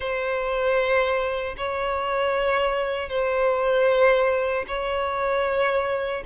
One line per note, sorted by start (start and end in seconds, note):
0.00 1.55 C5
1.57 3.09 C#5
3.09 4.65 C5
4.68 6.23 C#5